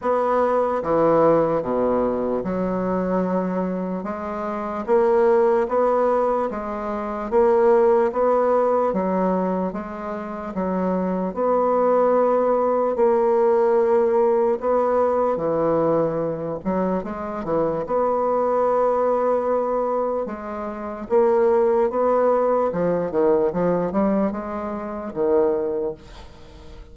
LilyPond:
\new Staff \with { instrumentName = "bassoon" } { \time 4/4 \tempo 4 = 74 b4 e4 b,4 fis4~ | fis4 gis4 ais4 b4 | gis4 ais4 b4 fis4 | gis4 fis4 b2 |
ais2 b4 e4~ | e8 fis8 gis8 e8 b2~ | b4 gis4 ais4 b4 | f8 dis8 f8 g8 gis4 dis4 | }